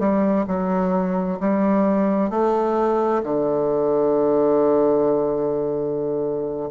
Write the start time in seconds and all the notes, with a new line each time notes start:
0.00 G3
0.47 F#3
1.41 G3
2.30 A3
3.24 D3